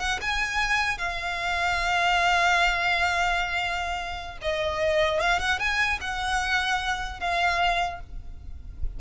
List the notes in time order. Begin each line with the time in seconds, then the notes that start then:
0.00 F#5
0.21 G#5
0.98 F5
4.42 D#5
5.21 F5
5.39 F#5
5.59 G#5
6.01 F#5
7.20 F5